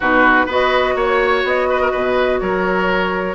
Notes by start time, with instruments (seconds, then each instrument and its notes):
0.00 bassoon B2, clarinet D#4, oboe F#4, flute B4
0.46 bassoon B3, clarinet F#4, oboe B4, flute D#5
0.95 bassoon A#3, oboe C#5, flute C#5
1.44 bassoon B3, flute D#5
1.69 oboe B4
1.81 oboe A#4
1.91 bassoon B2, oboe B4
2.40 bassoon F#3, oboe A#4, flute C#5